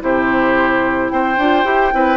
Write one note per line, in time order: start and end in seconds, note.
0.00 1.11 C3
0.00 1.36 E4
0.00 1.12 G4
0.00 1.10 C5
1.10 1.37 C4
1.10 1.94 C5
1.10 2.17 G5
1.37 1.65 D4
1.37 1.64 F4
1.64 1.92 E4
1.64 1.92 G4
1.94 2.17 C4
1.94 2.17 E4
1.94 2.17 B4